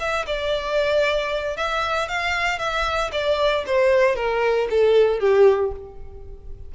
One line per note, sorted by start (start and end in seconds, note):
0.00 0.26 E5
0.27 1.57 D5
1.57 2.09 E5
2.09 2.59 F5
2.59 3.11 E5
3.13 3.65 D5
3.67 4.16 C5
4.16 4.68 A#4
4.70 5.20 A4
5.20 5.72 G4